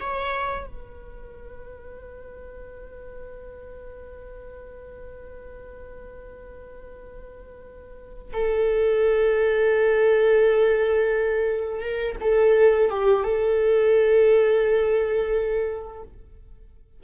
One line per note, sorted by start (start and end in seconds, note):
0.00 0.67 C#5
0.67 8.33 B4
8.33 11.81 A4
11.81 12.16 A#4
12.21 12.90 A4
12.90 13.24 G4
13.24 16.03 A4